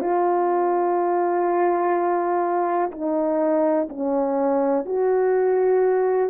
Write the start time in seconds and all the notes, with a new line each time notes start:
0.00 F4
2.91 D#4
3.89 C#4
4.85 F#4